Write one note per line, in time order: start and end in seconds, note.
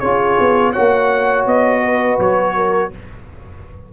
0.00 0.38 C#4
0.00 0.75 F4
0.00 0.73 G#4
0.00 0.72 C#5
0.40 0.76 B3
0.73 1.46 A#3
0.73 2.91 F#4
0.73 1.81 C#5
0.73 1.45 F#5
1.46 2.19 B3
1.46 2.20 D#5
1.83 2.55 B4
2.19 2.91 F#3
2.19 2.93 C#5
2.55 2.91 A#4